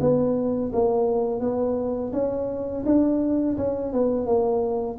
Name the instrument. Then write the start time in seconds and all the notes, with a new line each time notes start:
tuba
0.00 B3
0.72 A#3
1.40 B3
2.13 C#4
2.85 D4
3.57 C#4
3.93 B3
4.26 A#3